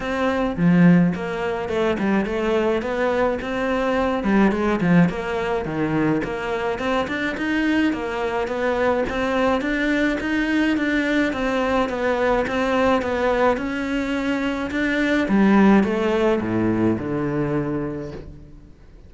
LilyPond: \new Staff \with { instrumentName = "cello" } { \time 4/4 \tempo 4 = 106 c'4 f4 ais4 a8 g8 | a4 b4 c'4. g8 | gis8 f8 ais4 dis4 ais4 | c'8 d'8 dis'4 ais4 b4 |
c'4 d'4 dis'4 d'4 | c'4 b4 c'4 b4 | cis'2 d'4 g4 | a4 a,4 d2 | }